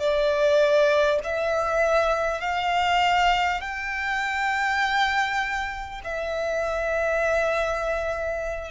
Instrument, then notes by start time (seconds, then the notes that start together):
violin
0.00 D5
1.24 E5
2.41 F5
3.61 G5
6.04 E5